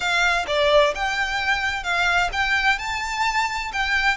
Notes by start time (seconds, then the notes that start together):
0.00 F5
0.47 D5
0.95 G5
1.83 F5
2.32 G5
2.78 A5
3.73 G5